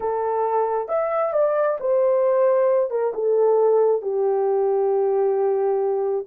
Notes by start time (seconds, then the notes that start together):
0.00 A4
0.88 E5
1.33 D5
1.80 C5
2.90 A#4
3.13 A4
4.02 G4